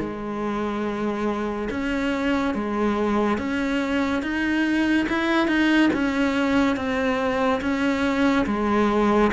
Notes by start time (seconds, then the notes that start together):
0.00 G#3
1.71 C#4
2.55 G#3
3.38 C#4
4.23 D#4
5.09 E4
5.48 D#4
5.94 C#4
6.77 C4
7.62 C#4
8.47 G#3